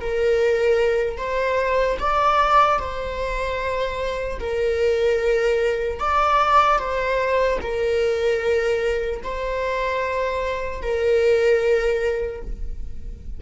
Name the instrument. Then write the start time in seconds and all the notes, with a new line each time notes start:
viola
0.00 A#4
1.17 C5
1.99 D5
2.79 C5
4.39 A#4
5.99 D5
6.79 C5
7.61 A#4
9.23 C5
10.82 A#4